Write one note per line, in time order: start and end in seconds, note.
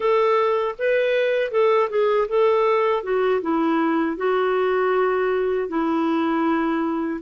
0.00 0.75 A4
0.78 1.51 B4
1.51 1.88 A4
1.89 2.27 G#4
2.28 3.03 A4
3.03 3.41 F#4
3.41 4.16 E4
4.16 5.68 F#4
5.68 7.20 E4